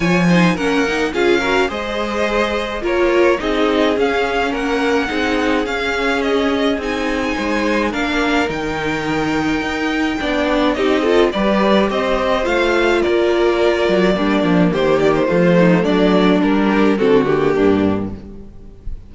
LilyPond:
<<
  \new Staff \with { instrumentName = "violin" } { \time 4/4 \tempo 4 = 106 gis''4 fis''4 f''4 dis''4~ | dis''4 cis''4 dis''4 f''4 | fis''2 f''4 dis''4 | gis''2 f''4 g''4~ |
g''2. dis''4 | d''4 dis''4 f''4 d''4~ | d''2 c''8 d''16 c''4~ c''16 | d''4 ais'4 a'8 g'4. | }
  \new Staff \with { instrumentName = "violin" } { \time 4/4 cis''8 c''8 ais'4 gis'8 ais'8 c''4~ | c''4 ais'4 gis'2 | ais'4 gis'2.~ | gis'4 c''4 ais'2~ |
ais'2 d''4 g'8 a'8 | b'4 c''2 ais'4~ | ais'4 d'4 g'4 f'8 dis'8 | d'4. g'8 fis'4 d'4 | }
  \new Staff \with { instrumentName = "viola" } { \time 4/4 f'8 dis'8 cis'8 dis'8 f'8 fis'8 gis'4~ | gis'4 f'4 dis'4 cis'4~ | cis'4 dis'4 cis'2 | dis'2 d'4 dis'4~ |
dis'2 d'4 dis'8 f'8 | g'2 f'2~ | f'4 ais2 a4~ | a4 d'4 c'8 ais4. | }
  \new Staff \with { instrumentName = "cello" } { \time 4/4 f4 ais4 cis'4 gis4~ | gis4 ais4 c'4 cis'4 | ais4 c'4 cis'2 | c'4 gis4 ais4 dis4~ |
dis4 dis'4 b4 c'4 | g4 c'4 a4 ais4~ | ais8 fis8 g8 f8 dis4 f4 | fis4 g4 d4 g,4 | }
>>